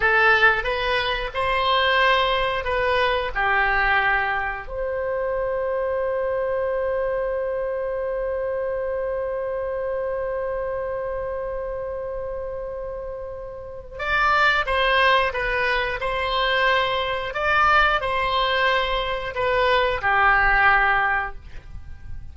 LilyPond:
\new Staff \with { instrumentName = "oboe" } { \time 4/4 \tempo 4 = 90 a'4 b'4 c''2 | b'4 g'2 c''4~ | c''1~ | c''1~ |
c''1~ | c''4 d''4 c''4 b'4 | c''2 d''4 c''4~ | c''4 b'4 g'2 | }